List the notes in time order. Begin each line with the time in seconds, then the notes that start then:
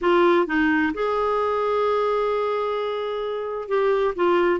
0.01 F4
0.46 D#4
0.94 G#4
3.68 G4
4.15 F4